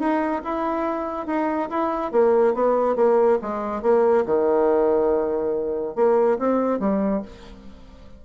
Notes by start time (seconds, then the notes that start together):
0.00 D#4
0.44 E4
1.27 D#4
1.70 E4
2.12 A#3
2.55 B3
2.96 A#3
3.42 G#3
3.83 A#3
4.26 D#3
5.96 A#3
6.39 C4
6.80 G3